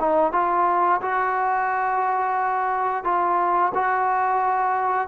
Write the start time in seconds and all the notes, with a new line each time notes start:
0.00 D#4
0.33 F4
1.02 F#4
3.05 F4
3.75 F#4